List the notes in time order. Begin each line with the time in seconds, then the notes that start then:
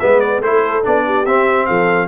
0.00 G#3 B3 B4 E5
0.20 D5
0.41 A3 E4 A4 C5
0.84 B3 D4 D5
1.06 G4
1.26 C4 E5
1.66 F3 A4 F5